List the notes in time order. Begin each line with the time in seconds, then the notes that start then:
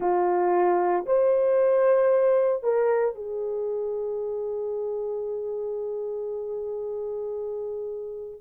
0.00 F4
1.06 C5
2.63 A#4
3.15 G#4